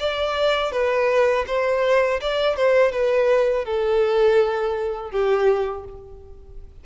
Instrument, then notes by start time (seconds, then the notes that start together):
violin
0.00 D5
0.73 B4
1.47 C5
2.22 D5
2.56 C5
2.92 B4
3.66 A4
5.12 G4